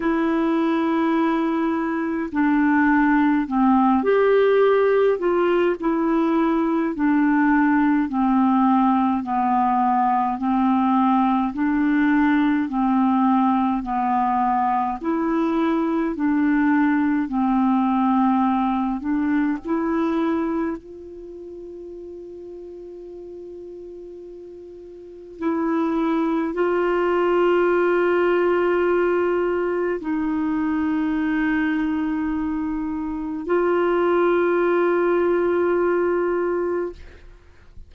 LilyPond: \new Staff \with { instrumentName = "clarinet" } { \time 4/4 \tempo 4 = 52 e'2 d'4 c'8 g'8~ | g'8 f'8 e'4 d'4 c'4 | b4 c'4 d'4 c'4 | b4 e'4 d'4 c'4~ |
c'8 d'8 e'4 f'2~ | f'2 e'4 f'4~ | f'2 dis'2~ | dis'4 f'2. | }